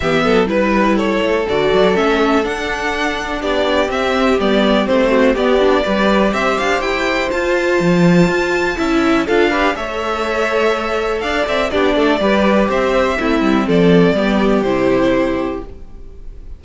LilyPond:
<<
  \new Staff \with { instrumentName = "violin" } { \time 4/4 \tempo 4 = 123 e''4 b'4 cis''4 d''4 | e''4 fis''2 d''4 | e''4 d''4 c''4 d''4~ | d''4 e''8 f''8 g''4 a''4~ |
a''2. f''4 | e''2. f''8 e''8 | d''2 e''2 | d''2 c''2 | }
  \new Staff \with { instrumentName = "violin" } { \time 4/4 g'8 a'8 b'4 a'2~ | a'2. g'4~ | g'2~ g'8 fis'8 g'4 | b'4 c''2.~ |
c''2 e''4 a'8 b'8 | cis''2. d''4 | g'8 a'8 b'4 c''4 e'4 | a'4 g'2. | }
  \new Staff \with { instrumentName = "viola" } { \time 4/4 b4 e'2 fis'4 | cis'4 d'2. | c'4 b4 c'4 b8 d'8 | g'2. f'4~ |
f'2 e'4 f'8 g'8 | a'1 | d'4 g'2 c'4~ | c'4 b4 e'2 | }
  \new Staff \with { instrumentName = "cello" } { \time 4/4 e8 fis8 g4. a8 d8 fis8 | a4 d'2 b4 | c'4 g4 a4 b4 | g4 c'8 d'8 e'4 f'4 |
f4 f'4 cis'4 d'4 | a2. d'8 c'8 | b8 a8 g4 c'4 a8 g8 | f4 g4 c2 | }
>>